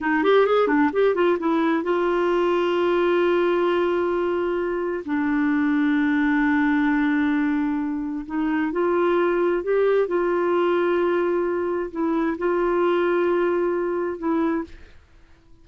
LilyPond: \new Staff \with { instrumentName = "clarinet" } { \time 4/4 \tempo 4 = 131 dis'8 g'8 gis'8 d'8 g'8 f'8 e'4 | f'1~ | f'2. d'4~ | d'1~ |
d'2 dis'4 f'4~ | f'4 g'4 f'2~ | f'2 e'4 f'4~ | f'2. e'4 | }